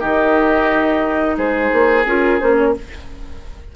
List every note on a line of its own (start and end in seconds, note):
0.00 1.37 D#3
0.00 2.02 D#4
0.00 1.35 G4
0.00 1.36 D#5
1.37 1.71 G#3
1.37 2.73 G#4
1.37 2.05 C5
1.73 2.05 A#3
2.05 2.39 C#4
2.05 2.40 F4
2.05 2.40 A#4
2.40 2.76 A#3
2.40 2.74 C#4
2.40 2.57 C5
2.57 2.74 C#5